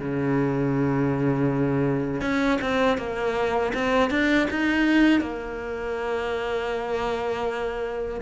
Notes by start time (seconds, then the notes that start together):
0.00 C#3
2.22 C#4
2.61 C4
2.98 A#3
3.74 C4
4.10 D4
4.51 D#4
5.21 A#3